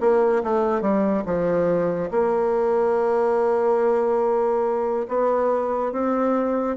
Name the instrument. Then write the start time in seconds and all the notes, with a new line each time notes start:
bassoon
0.00 A#3
0.43 A3
0.81 G3
1.25 F3
2.11 A#3
5.08 B3
5.92 C4